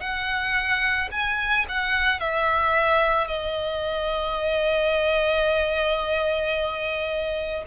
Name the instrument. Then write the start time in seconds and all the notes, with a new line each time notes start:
violin
0.00 F#5
1.11 G#5
1.69 F#5
2.20 E5
3.27 D#5